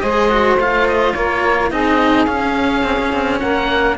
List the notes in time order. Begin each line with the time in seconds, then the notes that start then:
0.00 G#3 G#4 C5 D#5
0.30 F#4
0.56 A3 F4 F5
0.88 D#5
1.13 A#3 A#4 C#5
1.71 C4 D#4 G#4 D#5
2.25 C#4 F5
2.83 C4
2.99 C#4
3.12 C4
3.40 A#3 A#4 F#5